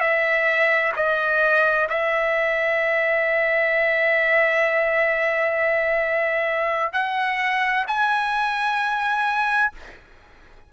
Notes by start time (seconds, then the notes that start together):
0.00 E5
0.96 D#5
1.89 E5
6.93 F#5
7.87 G#5